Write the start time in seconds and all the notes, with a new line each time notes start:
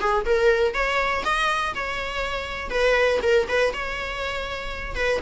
0.00 G#4
0.25 A#4
0.74 C#5
1.24 D#5
1.75 C#5
2.70 B4
3.22 A#4
3.48 B4
3.73 C#5
4.95 B4